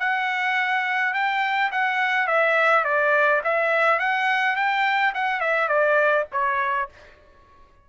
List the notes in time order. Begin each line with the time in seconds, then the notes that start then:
0.00 F#5
1.14 G5
1.72 F#5
2.28 E5
2.85 D5
3.45 E5
4.00 F#5
4.56 G5
5.15 F#5
5.41 E5
5.69 D5
6.32 C#5